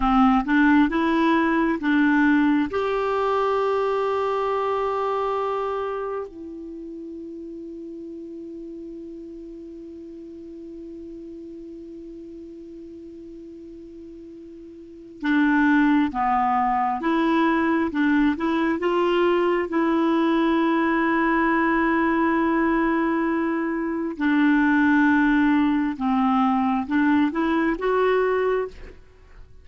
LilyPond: \new Staff \with { instrumentName = "clarinet" } { \time 4/4 \tempo 4 = 67 c'8 d'8 e'4 d'4 g'4~ | g'2. e'4~ | e'1~ | e'1~ |
e'4 d'4 b4 e'4 | d'8 e'8 f'4 e'2~ | e'2. d'4~ | d'4 c'4 d'8 e'8 fis'4 | }